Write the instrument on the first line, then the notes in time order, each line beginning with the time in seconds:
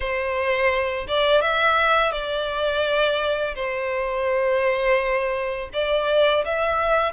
violin
0.00 C5
1.07 D5
1.41 E5
2.11 D5
3.55 C5
5.73 D5
6.44 E5